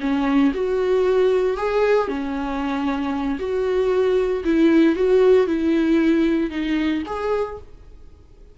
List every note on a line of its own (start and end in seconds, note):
0.00 0.52 C#4
0.54 1.57 F#4
1.57 2.08 G#4
2.08 3.38 C#4
3.39 4.43 F#4
4.44 4.95 E4
4.95 5.46 F#4
5.46 6.50 E4
6.50 7.02 D#4
7.06 7.58 G#4